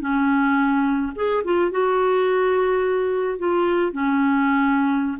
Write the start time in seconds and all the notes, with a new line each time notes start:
0.00 C#4
1.15 G#4
1.44 F4
1.71 F#4
3.38 F4
3.92 C#4